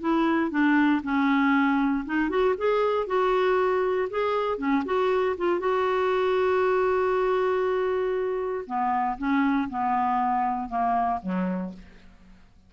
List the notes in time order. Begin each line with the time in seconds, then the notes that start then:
0.00 E4
0.50 D4
1.03 C#4
2.05 D#4
2.29 F#4
2.57 G#4
3.06 F#4
4.10 G#4
4.57 C#4
4.85 F#4
5.37 F4
5.59 F#4
8.66 B3
9.18 C#4
9.69 B3
10.68 A#3
11.22 F#3